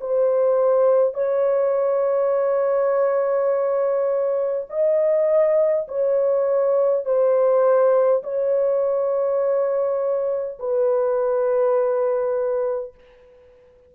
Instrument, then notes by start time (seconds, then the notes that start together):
horn
0.00 C5
1.14 C#5
4.70 D#5
5.88 C#5
7.05 C5
8.23 C#5
10.59 B4